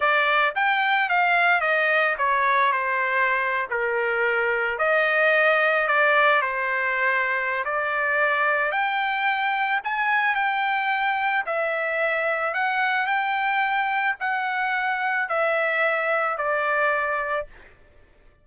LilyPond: \new Staff \with { instrumentName = "trumpet" } { \time 4/4 \tempo 4 = 110 d''4 g''4 f''4 dis''4 | cis''4 c''4.~ c''16 ais'4~ ais'16~ | ais'8. dis''2 d''4 c''16~ | c''2 d''2 |
g''2 gis''4 g''4~ | g''4 e''2 fis''4 | g''2 fis''2 | e''2 d''2 | }